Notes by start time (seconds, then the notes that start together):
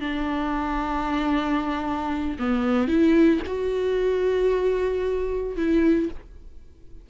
0.00 D4
2.39 B3
2.88 E4
3.47 F#4
5.57 E4